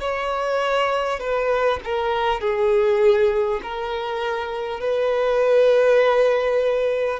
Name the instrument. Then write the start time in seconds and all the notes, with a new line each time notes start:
violin
0.00 C#5
1.19 B4
1.84 A#4
2.41 G#4
3.62 A#4
4.80 B4